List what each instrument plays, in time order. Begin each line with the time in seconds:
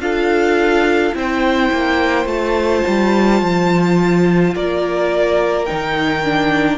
0.00 cello D4, viola F4, violin A4 F5
1.14 cello C4, viola E4, violin C5 G5
1.72 cello A#3
2.25 cello A3, viola F4, violin A5
2.88 cello G3
3.42 cello F3
4.55 cello A#3, violin A#4 D5
5.66 cello D#3, viola D#4, violin G5
6.24 viola D4